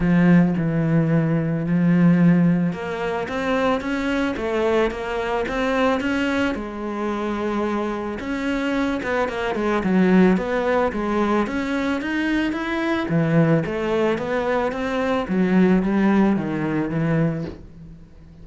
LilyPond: \new Staff \with { instrumentName = "cello" } { \time 4/4 \tempo 4 = 110 f4 e2 f4~ | f4 ais4 c'4 cis'4 | a4 ais4 c'4 cis'4 | gis2. cis'4~ |
cis'8 b8 ais8 gis8 fis4 b4 | gis4 cis'4 dis'4 e'4 | e4 a4 b4 c'4 | fis4 g4 dis4 e4 | }